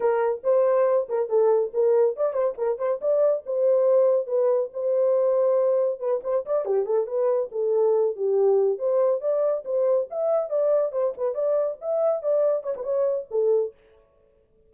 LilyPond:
\new Staff \with { instrumentName = "horn" } { \time 4/4 \tempo 4 = 140 ais'4 c''4. ais'8 a'4 | ais'4 d''8 c''8 ais'8 c''8 d''4 | c''2 b'4 c''4~ | c''2 b'8 c''8 d''8 g'8 |
a'8 b'4 a'4. g'4~ | g'8 c''4 d''4 c''4 e''8~ | e''8 d''4 c''8 b'8 d''4 e''8~ | e''8 d''4 cis''16 b'16 cis''4 a'4 | }